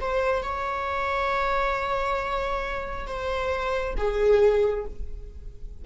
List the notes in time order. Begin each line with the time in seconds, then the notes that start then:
0.00 C5
0.43 C#5
3.06 C5
3.97 G#4